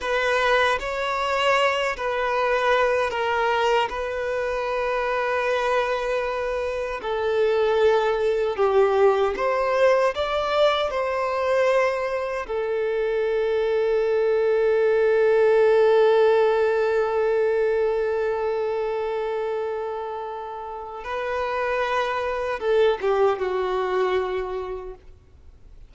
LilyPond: \new Staff \with { instrumentName = "violin" } { \time 4/4 \tempo 4 = 77 b'4 cis''4. b'4. | ais'4 b'2.~ | b'4 a'2 g'4 | c''4 d''4 c''2 |
a'1~ | a'1~ | a'2. b'4~ | b'4 a'8 g'8 fis'2 | }